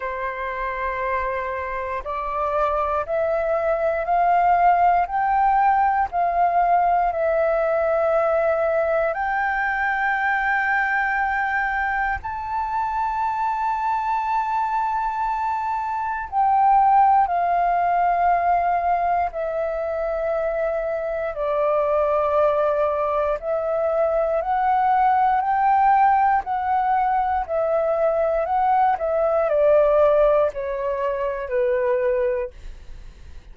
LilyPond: \new Staff \with { instrumentName = "flute" } { \time 4/4 \tempo 4 = 59 c''2 d''4 e''4 | f''4 g''4 f''4 e''4~ | e''4 g''2. | a''1 |
g''4 f''2 e''4~ | e''4 d''2 e''4 | fis''4 g''4 fis''4 e''4 | fis''8 e''8 d''4 cis''4 b'4 | }